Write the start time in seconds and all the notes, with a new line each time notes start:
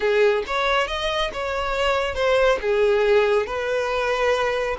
0.00 G#4
0.46 C#5
0.87 D#5
1.33 C#5
2.14 C5
2.61 G#4
3.46 B4